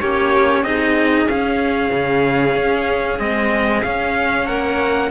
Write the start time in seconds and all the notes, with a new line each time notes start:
0.00 A#3 C#4 G4 C#5
0.63 C4 D#4 G#4 D#5
1.27 C#4 F5
1.92 C#3
2.55 C#4
3.19 G#3 C4 D#5
3.83 C#4 F5
4.46 A#3 A#4 F#5